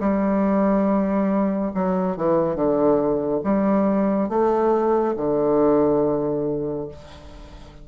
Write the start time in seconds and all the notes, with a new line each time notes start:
0.00 G3
1.74 F#3
2.17 E3
2.55 D3
3.44 G3
4.29 A3
5.17 D3